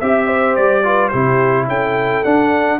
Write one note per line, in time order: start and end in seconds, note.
0.00 0.57 C4
0.00 0.84 G4
0.00 0.56 E5
0.00 0.27 E5
0.27 0.83 C5
0.56 1.13 G3
0.56 1.08 D5
0.84 1.12 F4
0.84 1.10 B4
1.08 1.68 C3
1.08 2.24 E4
1.08 1.66 G4
1.08 1.64 C5
1.68 2.24 C#4
1.68 2.79 A4
1.68 2.24 G5
2.24 2.79 D4
2.24 2.79 F#5